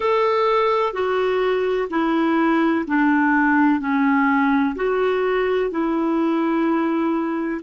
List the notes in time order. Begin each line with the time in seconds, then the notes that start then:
0.00 A4
0.93 F#4
1.90 E4
2.87 D4
3.80 C#4
4.75 F#4
5.70 E4